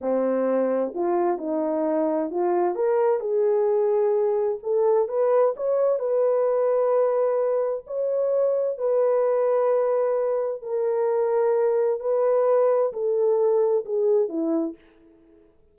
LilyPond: \new Staff \with { instrumentName = "horn" } { \time 4/4 \tempo 4 = 130 c'2 f'4 dis'4~ | dis'4 f'4 ais'4 gis'4~ | gis'2 a'4 b'4 | cis''4 b'2.~ |
b'4 cis''2 b'4~ | b'2. ais'4~ | ais'2 b'2 | a'2 gis'4 e'4 | }